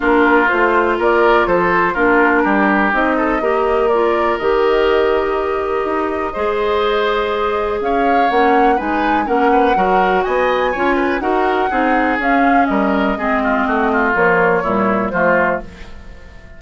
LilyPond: <<
  \new Staff \with { instrumentName = "flute" } { \time 4/4 \tempo 4 = 123 ais'4 c''4 d''4 c''4 | ais'2 dis''2 | d''4 dis''2.~ | dis''1 |
f''4 fis''4 gis''4 fis''4~ | fis''4 gis''2 fis''4~ | fis''4 f''4 dis''2~ | dis''4 cis''2 c''4 | }
  \new Staff \with { instrumentName = "oboe" } { \time 4/4 f'2 ais'4 a'4 | f'4 g'4. a'8 ais'4~ | ais'1~ | ais'4 c''2. |
cis''2 b'4 ais'8 b'8 | ais'4 dis''4 cis''8 b'8 ais'4 | gis'2 ais'4 gis'8 f'8 | fis'8 f'4. e'4 f'4 | }
  \new Staff \with { instrumentName = "clarinet" } { \time 4/4 d'4 f'2. | d'2 dis'4 g'4 | f'4 g'2.~ | g'4 gis'2.~ |
gis'4 cis'4 dis'4 cis'4 | fis'2 f'4 fis'4 | dis'4 cis'2 c'4~ | c'4 f4 g4 a4 | }
  \new Staff \with { instrumentName = "bassoon" } { \time 4/4 ais4 a4 ais4 f4 | ais4 g4 c'4 ais4~ | ais4 dis2. | dis'4 gis2. |
cis'4 ais4 gis4 ais4 | fis4 b4 cis'4 dis'4 | c'4 cis'4 g4 gis4 | a4 ais4 ais,4 f4 | }
>>